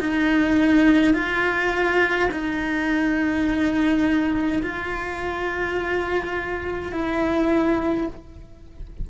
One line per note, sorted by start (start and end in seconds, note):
0.00 1.14 D#4
1.14 2.30 F4
2.32 4.63 D#4
4.63 6.93 F4
6.93 8.08 E4